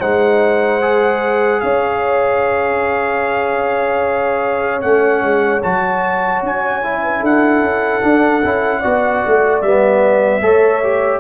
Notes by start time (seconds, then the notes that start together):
0.00 G#3 D#4 C5 F#5
0.81 G#4
1.61 C#4 C#5 F5
4.81 A3 C#4 F#5
5.22 G#3
5.62 F#3 F#4 A5
6.43 C#4 G#5
6.83 E4
7.03 B4
7.21 D4 A4 F#5
7.60 C#4
8.02 D4
8.44 C#4 E4
8.80 B3 F#4 D5
9.27 A3
9.62 G3 B3 E5
10.41 A3 A4 C#5
10.83 G4